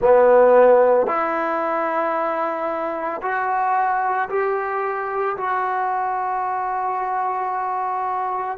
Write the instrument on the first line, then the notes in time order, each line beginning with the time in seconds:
trombone
0.01 B3
1.07 E4
3.21 F#4
4.29 G4
5.36 F#4